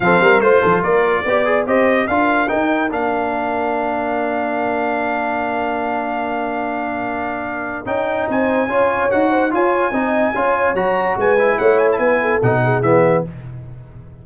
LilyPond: <<
  \new Staff \with { instrumentName = "trumpet" } { \time 4/4 \tempo 4 = 145 f''4 c''4 d''2 | dis''4 f''4 g''4 f''4~ | f''1~ | f''1~ |
f''2. g''4 | gis''2 fis''4 gis''4~ | gis''2 ais''4 gis''4 | fis''8 gis''16 a''16 gis''4 fis''4 e''4 | }
  \new Staff \with { instrumentName = "horn" } { \time 4/4 a'8 ais'8 c''8 a'8 ais'4 d''4 | c''4 ais'2.~ | ais'1~ | ais'1~ |
ais'1 | c''4 cis''4. c''8 cis''4 | dis''4 cis''2 b'4 | cis''4 b'8 a'4 gis'4. | }
  \new Staff \with { instrumentName = "trombone" } { \time 4/4 c'4 f'2 g'8 gis'8 | g'4 f'4 dis'4 d'4~ | d'1~ | d'1~ |
d'2. dis'4~ | dis'4 f'4 fis'4 f'4 | dis'4 f'4 fis'4. e'8~ | e'2 dis'4 b4 | }
  \new Staff \with { instrumentName = "tuba" } { \time 4/4 f8 g8 a8 f8 ais4 b4 | c'4 d'4 dis'4 ais4~ | ais1~ | ais1~ |
ais2. cis'4 | c'4 cis'4 dis'4 f'4 | c'4 cis'4 fis4 gis4 | a4 b4 b,4 e4 | }
>>